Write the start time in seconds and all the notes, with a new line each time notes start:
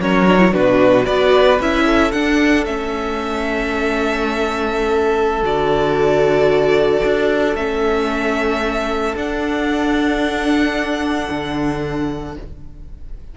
0.00 F#3 C#4 A#4 C#5
0.27 D4
0.38 E4
0.52 B2 D4 F#4 B4
1.04 B3 F#4 B4 D5
1.59 C#4 E4 E5
1.86 A4
2.11 D4 F#5
2.65 A3 C#4 E5
5.42 D3 F#4 D5
7.04 D4
7.55 A3 C#4 E5
9.15 D4 F#5
11.30 D3